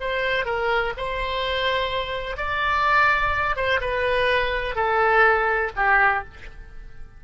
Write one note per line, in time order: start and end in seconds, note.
0.00 0.45 C5
0.45 0.93 A#4
0.97 2.37 C5
2.37 3.56 D5
3.56 3.80 C5
3.80 4.75 B4
4.75 5.71 A4
5.76 6.24 G4